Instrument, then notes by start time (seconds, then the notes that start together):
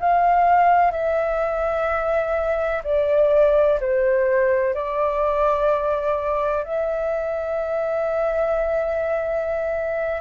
flute
0.00 F5
0.91 E5
2.84 D5
3.80 C5
4.74 D5
6.64 E5